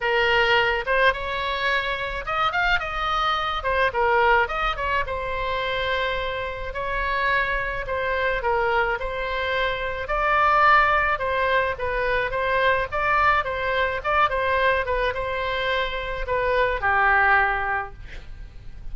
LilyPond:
\new Staff \with { instrumentName = "oboe" } { \time 4/4 \tempo 4 = 107 ais'4. c''8 cis''2 | dis''8 f''8 dis''4. c''8 ais'4 | dis''8 cis''8 c''2. | cis''2 c''4 ais'4 |
c''2 d''2 | c''4 b'4 c''4 d''4 | c''4 d''8 c''4 b'8 c''4~ | c''4 b'4 g'2 | }